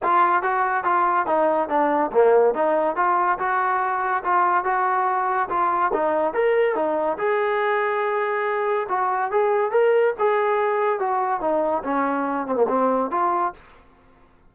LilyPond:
\new Staff \with { instrumentName = "trombone" } { \time 4/4 \tempo 4 = 142 f'4 fis'4 f'4 dis'4 | d'4 ais4 dis'4 f'4 | fis'2 f'4 fis'4~ | fis'4 f'4 dis'4 ais'4 |
dis'4 gis'2.~ | gis'4 fis'4 gis'4 ais'4 | gis'2 fis'4 dis'4 | cis'4. c'16 ais16 c'4 f'4 | }